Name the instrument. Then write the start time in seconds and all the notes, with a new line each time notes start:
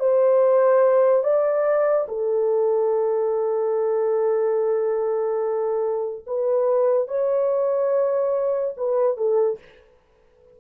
horn
0.00 C5
1.23 D5
2.08 A4
6.27 B4
7.08 C#5
8.77 B4
9.17 A4